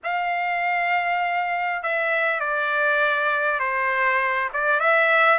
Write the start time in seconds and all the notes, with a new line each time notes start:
0.03 F5
1.82 E5
2.40 D5
3.59 C5
4.53 D5
4.80 E5